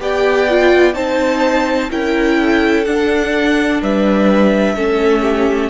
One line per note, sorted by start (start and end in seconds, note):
0.00 0.95 B3
0.00 0.48 G4
0.00 0.95 D5
0.00 0.94 G5
0.49 0.93 F4
0.93 1.90 C4
0.93 1.88 D#4
0.93 1.91 C5
0.93 1.89 A5
1.90 2.87 C#4
1.90 2.85 E4
1.90 2.40 A#4
1.90 2.85 G5
2.40 3.81 A4
2.85 4.76 D4
2.85 3.82 D4
2.85 3.80 F#5
3.81 4.75 G3
3.81 4.75 B4
3.81 5.70 E5
4.75 5.70 A3
4.75 5.70 C#4
4.75 5.22 A4
5.22 5.69 G4